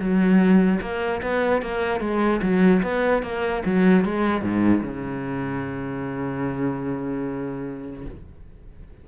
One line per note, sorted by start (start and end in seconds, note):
0.00 0.81 F#3
0.81 1.22 A#3
1.23 1.62 B3
1.62 2.01 A#3
2.01 2.41 G#3
2.42 2.83 F#3
2.83 3.23 B3
3.23 3.63 A#3
3.66 4.05 F#3
4.05 4.42 G#3
4.42 4.82 G#2
4.83 8.06 C#3